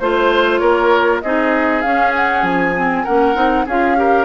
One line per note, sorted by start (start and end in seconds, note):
0.00 0.61 A3
0.00 1.24 F4
0.00 0.58 C5
0.00 0.61 C5
0.58 1.22 A#3
0.58 1.22 A#4
0.58 1.20 C#5
1.22 1.85 C4
1.22 1.84 D#4
1.22 3.04 G#4
1.22 1.82 D#5
1.82 2.76 C#4
1.82 2.43 C#4
1.82 2.13 F5
2.16 2.44 F#5
2.43 3.04 F3
2.43 3.05 G#5
2.76 3.07 C4
3.04 3.35 A#3
3.04 3.35 C#4
3.04 3.65 A#4
3.04 3.66 F#5
3.35 3.66 C4
3.35 3.66 D#4
3.66 4.25 C#4
3.66 3.96 F4
3.66 3.97 G#4
3.66 4.25 F5
3.96 4.25 G4
3.96 4.25 A#4